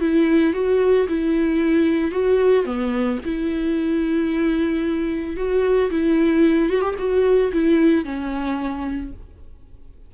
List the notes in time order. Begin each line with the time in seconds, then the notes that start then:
0.00 E4
0.53 F#4
1.08 E4
2.11 F#4
2.65 B3
3.25 E4
5.36 F#4
5.91 E4
6.69 F#4
6.81 G4
6.98 F#4
7.52 E4
8.05 C#4